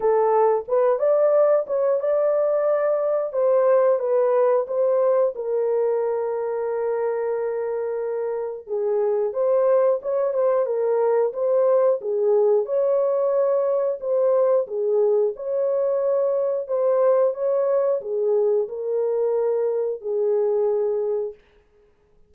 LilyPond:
\new Staff \with { instrumentName = "horn" } { \time 4/4 \tempo 4 = 90 a'4 b'8 d''4 cis''8 d''4~ | d''4 c''4 b'4 c''4 | ais'1~ | ais'4 gis'4 c''4 cis''8 c''8 |
ais'4 c''4 gis'4 cis''4~ | cis''4 c''4 gis'4 cis''4~ | cis''4 c''4 cis''4 gis'4 | ais'2 gis'2 | }